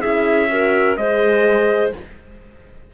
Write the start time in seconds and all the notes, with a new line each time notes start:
0.00 C#4 E4 G#4 E5
0.50 F#4 A#4
0.97 G#3 G#4 C5 D#5